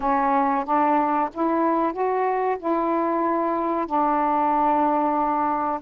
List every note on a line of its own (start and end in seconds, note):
0.00 0.64 C#4
0.64 1.29 D4
1.33 1.92 E4
1.92 2.57 F#4
2.59 3.86 E4
3.86 5.80 D4